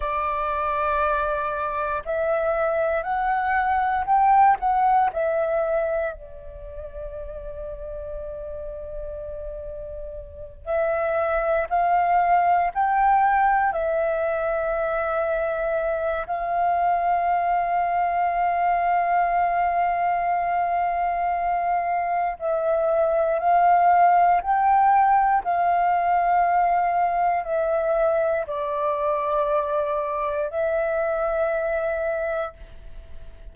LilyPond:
\new Staff \with { instrumentName = "flute" } { \time 4/4 \tempo 4 = 59 d''2 e''4 fis''4 | g''8 fis''8 e''4 d''2~ | d''2~ d''8 e''4 f''8~ | f''8 g''4 e''2~ e''8 |
f''1~ | f''2 e''4 f''4 | g''4 f''2 e''4 | d''2 e''2 | }